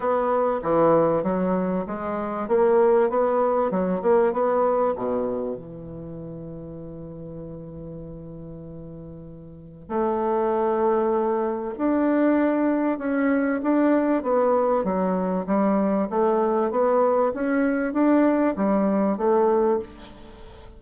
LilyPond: \new Staff \with { instrumentName = "bassoon" } { \time 4/4 \tempo 4 = 97 b4 e4 fis4 gis4 | ais4 b4 fis8 ais8 b4 | b,4 e2.~ | e1 |
a2. d'4~ | d'4 cis'4 d'4 b4 | fis4 g4 a4 b4 | cis'4 d'4 g4 a4 | }